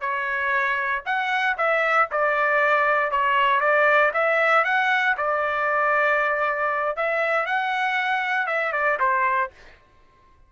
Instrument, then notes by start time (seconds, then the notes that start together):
trumpet
0.00 C#5
1.05 F#5
1.57 E5
2.11 D5
3.11 C#5
3.60 D5
4.13 E5
4.64 F#5
5.17 D5
6.96 E5
7.46 F#5
8.46 E5
8.72 D5
8.99 C5